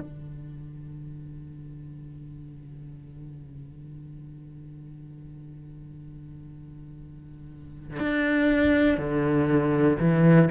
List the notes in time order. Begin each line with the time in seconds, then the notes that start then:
0.00 D3
7.99 D4
8.98 D3
9.99 E3